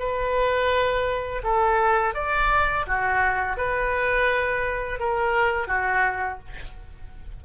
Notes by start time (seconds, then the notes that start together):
0.00 B4
1.44 A4
2.15 D5
2.87 F#4
3.57 B4
5.00 A#4
5.68 F#4